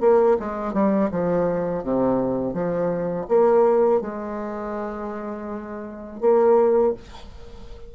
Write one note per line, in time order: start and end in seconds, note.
0.00 0.37 A#3
0.39 0.73 G#3
0.73 1.09 G3
1.11 1.83 F3
1.83 2.53 C3
2.53 3.26 F3
3.28 4.00 A#3
4.00 6.20 G#3
6.20 6.93 A#3